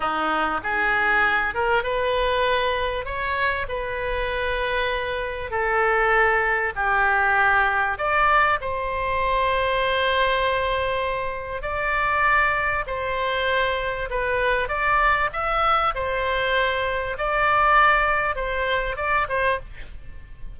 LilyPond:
\new Staff \with { instrumentName = "oboe" } { \time 4/4 \tempo 4 = 98 dis'4 gis'4. ais'8 b'4~ | b'4 cis''4 b'2~ | b'4 a'2 g'4~ | g'4 d''4 c''2~ |
c''2. d''4~ | d''4 c''2 b'4 | d''4 e''4 c''2 | d''2 c''4 d''8 c''8 | }